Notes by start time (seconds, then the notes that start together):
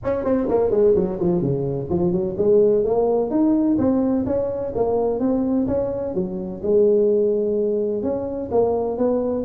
0.03 C#4
0.24 C4
0.48 A#3
0.70 G#3
0.95 F#3
1.19 F3
1.41 C#3
1.89 F3
2.12 F#3
2.37 G#3
2.84 A#3
3.30 D#4
3.78 C4
4.26 C#4
4.75 A#3
5.19 C4
5.67 C#4
6.14 F#3
6.62 G#3
8.02 C#4
8.51 A#3
8.97 B3